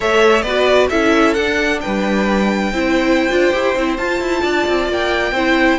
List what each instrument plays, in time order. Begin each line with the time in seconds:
0.00 cello A3, viola A4, violin C#5 E5
0.42 cello B3, viola F#4, violin B4 D5
0.89 cello C#4, viola E4, violin A4 E5
1.34 cello D4, viola D4, violin F#5
1.81 cello G3, violin B4 G5
2.72 cello C4, viola E4, violin C5
3.29 cello D4, viola F4
3.52 cello E4, viola G4
3.75 cello C4, viola E4
3.97 cello F4, viola F4, violin A5
4.20 cello E4
4.42 cello D4, violin D5
4.67 cello C4
4.88 cello A#3, violin G5
5.31 cello C4, viola E4, violin C5